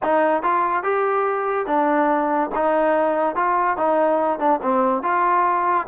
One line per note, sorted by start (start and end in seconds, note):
0.02 0.42 D#4
0.42 0.83 F4
0.83 1.66 G4
1.66 2.50 D4
2.54 3.35 D#4
3.35 3.77 F4
3.77 4.39 D#4
4.39 4.60 D4
4.62 5.03 C4
5.03 5.86 F4